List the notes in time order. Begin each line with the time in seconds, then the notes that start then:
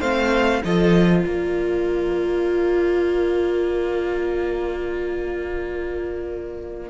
0.00 A3 C4 C5 F5
0.64 F3 F4 A4 D#5
1.25 A#3 A#4 D5